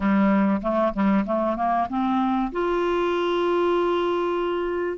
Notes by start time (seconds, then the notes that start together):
0.00 G3
0.61 A3
0.93 G3
1.26 A3
1.56 A#3
1.89 C4
2.52 F4